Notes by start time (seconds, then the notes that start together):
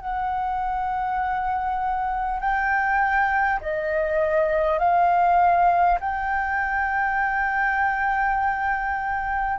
0.00 F#5
2.40 G5
3.60 D#5
4.78 F5
5.99 G5